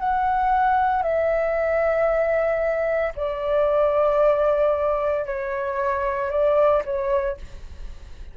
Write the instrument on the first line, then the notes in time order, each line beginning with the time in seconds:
flute
0.00 F#5
1.03 E5
3.16 D5
5.26 C#5
6.31 D5
6.85 C#5